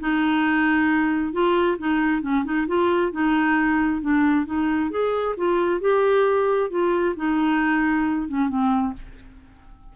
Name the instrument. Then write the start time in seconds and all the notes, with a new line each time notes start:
clarinet
0.00 D#4
1.33 F4
1.78 D#4
2.22 C#4
2.45 D#4
2.68 F4
3.12 D#4
4.02 D4
4.46 D#4
4.91 G#4
5.37 F4
5.81 G4
6.71 F4
7.16 D#4
8.29 C#4
8.49 C4